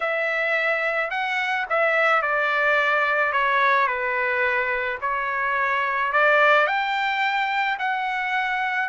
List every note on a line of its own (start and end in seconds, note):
0.00 1.10 E5
1.10 1.66 F#5
1.69 2.21 E5
2.21 3.32 D5
3.32 3.87 C#5
3.87 4.98 B4
5.01 6.12 C#5
6.12 6.66 D5
6.66 7.77 G5
7.79 8.89 F#5